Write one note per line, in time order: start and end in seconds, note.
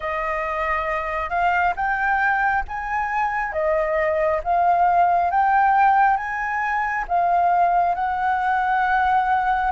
0.00 1.29 D#5
1.29 1.73 F5
1.76 2.64 G5
2.68 3.52 G#5
3.52 4.40 D#5
4.43 5.31 F5
5.31 6.16 G5
6.16 7.05 G#5
7.07 7.95 F5
7.95 9.71 F#5